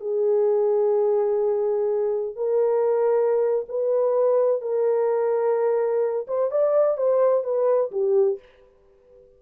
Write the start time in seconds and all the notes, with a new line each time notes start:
0.00 G#4
2.36 A#4
3.69 B4
4.61 A#4
6.27 C5
6.51 D5
6.97 C5
7.44 B4
7.92 G4